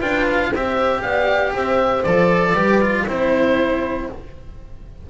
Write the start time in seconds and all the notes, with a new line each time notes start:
0.00 D4 F4 B4 G5
0.28 F5
0.51 C4 G4 C5 E5
1.02 B3 D5 F5
1.54 C4 C5 E5
2.04 F3 A4 D5
2.53 G3 G4 B4
2.82 F4
3.07 C4 E4 C5